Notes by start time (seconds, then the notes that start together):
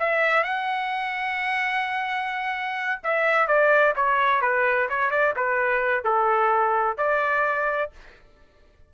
0.00 E5
0.44 F#5
3.04 E5
3.48 D5
3.96 C#5
4.42 B4
4.90 C#5
5.11 D5
5.37 B4
6.05 A4
6.98 D5